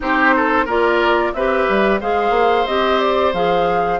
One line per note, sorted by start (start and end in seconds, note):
0.00 0.66 C4
0.00 0.67 D#4
0.00 0.35 G4
0.00 0.68 C5
0.35 0.65 A4
0.65 1.32 A#3
0.65 1.34 F4
0.65 1.31 A#4
0.65 1.33 D5
1.33 1.67 C4
1.33 2.00 G4
1.33 2.00 B4
1.33 1.99 E5
1.68 2.02 G3
2.00 2.30 G#3
2.00 2.67 G#4
2.00 3.99 C5
2.00 2.66 F5
2.30 2.63 A#3
2.66 3.33 C4
2.66 3.34 G4
2.66 2.99 D#5
2.99 3.32 D5
3.33 3.99 F3
3.33 3.99 G#4
3.33 3.99 F5